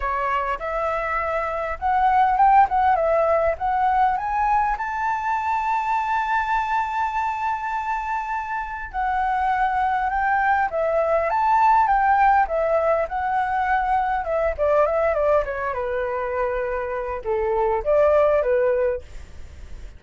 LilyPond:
\new Staff \with { instrumentName = "flute" } { \time 4/4 \tempo 4 = 101 cis''4 e''2 fis''4 | g''8 fis''8 e''4 fis''4 gis''4 | a''1~ | a''2. fis''4~ |
fis''4 g''4 e''4 a''4 | g''4 e''4 fis''2 | e''8 d''8 e''8 d''8 cis''8 b'4.~ | b'4 a'4 d''4 b'4 | }